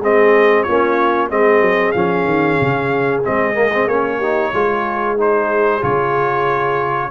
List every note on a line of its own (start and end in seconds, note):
0.00 0.65 G#3
0.00 0.68 C4
0.00 0.64 G#4
0.00 0.63 D#5
0.63 1.30 A#3
0.63 1.30 C#4
0.63 1.29 F4
0.63 1.28 C#5
1.29 1.61 G#3
1.29 1.94 C4
1.29 4.18 G#4
1.29 1.92 D#5
1.61 1.93 F#3
1.92 2.24 F3
1.92 3.23 C#4
1.92 3.21 F5
2.24 2.56 D#3
2.61 3.25 C#3
3.23 3.87 G#3
3.23 3.54 C4
3.23 3.88 D#5
3.54 3.70 A#3
3.73 3.89 C4
3.87 4.51 A#3
3.87 4.22 C#4
3.87 5.17 C#5
4.18 4.54 D#4
4.18 4.50 G4
4.53 5.82 G#3
4.53 5.17 F4
4.53 7.11 G#4
5.17 5.81 D#4
5.17 5.83 C5
5.81 7.11 C#3
5.81 7.10 F4
5.81 7.11 C#5